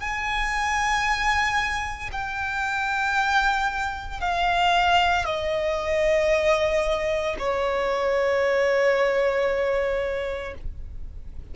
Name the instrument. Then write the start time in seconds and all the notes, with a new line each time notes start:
violin
0.00 G#5
2.12 G5
4.21 F5
5.26 D#5
7.39 C#5